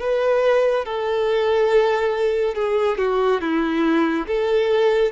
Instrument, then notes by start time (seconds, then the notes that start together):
violin
0.00 B4
0.85 A4
2.55 G#4
2.98 F#4
3.41 E4
4.27 A4